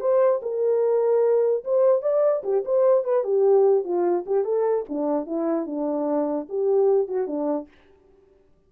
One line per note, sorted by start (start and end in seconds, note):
0.00 0.41 C5
0.42 1.64 A#4
1.64 2.02 C5
2.02 2.43 D5
2.43 2.64 G4
2.65 3.04 C5
3.04 3.24 B4
3.24 3.84 G4
3.84 4.25 F4
4.26 4.44 G4
4.44 4.85 A4
4.89 5.26 D4
5.26 5.66 E4
5.66 6.47 D4
6.49 7.08 G4
7.08 7.27 F#4
7.27 7.68 D4